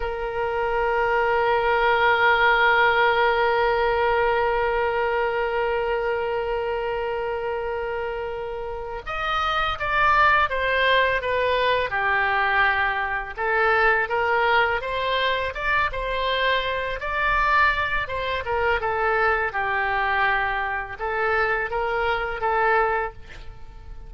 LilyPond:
\new Staff \with { instrumentName = "oboe" } { \time 4/4 \tempo 4 = 83 ais'1~ | ais'1~ | ais'1~ | ais'8 dis''4 d''4 c''4 b'8~ |
b'8 g'2 a'4 ais'8~ | ais'8 c''4 d''8 c''4. d''8~ | d''4 c''8 ais'8 a'4 g'4~ | g'4 a'4 ais'4 a'4 | }